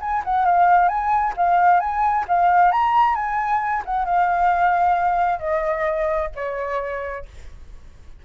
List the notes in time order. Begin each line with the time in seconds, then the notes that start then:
0.00 G#5
0.24 F#5
0.45 F5
0.88 G#5
1.37 F5
1.80 G#5
2.28 F5
2.71 A#5
3.15 G#5
3.85 F#5
4.05 F5
5.39 D#5
6.35 C#5